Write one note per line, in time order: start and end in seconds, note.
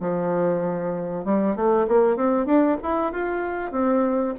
0.00 1.24 F3
1.24 1.56 G3
1.56 1.87 A3
1.88 2.16 A#3
2.16 2.46 C4
2.46 2.77 D4
2.83 3.12 E4
3.12 3.72 F4
3.72 4.34 C4